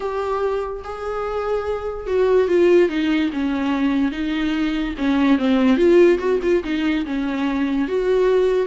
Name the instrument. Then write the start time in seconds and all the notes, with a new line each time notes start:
viola
0.00 G4
0.84 G#4
2.06 F#4
2.48 F4
2.89 D#4
3.32 C#4
4.11 D#4
4.97 C#4
5.38 C4
5.76 F4
6.19 F#4
6.42 F4
6.64 D#4
7.05 C#4
7.87 F#4